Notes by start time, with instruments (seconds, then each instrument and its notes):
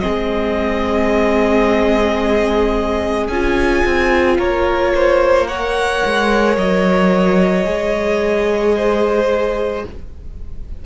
0.00 viola C4, violin G#4 D#5
0.06 cello G#3
3.28 cello C#4, viola F4, violin G#5
3.85 cello C4
4.38 cello A#3, violin A#4 C#5
4.95 violin C5
5.47 viola A#4, violin C#5 F#5
6.05 cello G#3
6.57 cello F#3, violin D#5
7.65 cello G#3, viola G#4
8.77 violin C5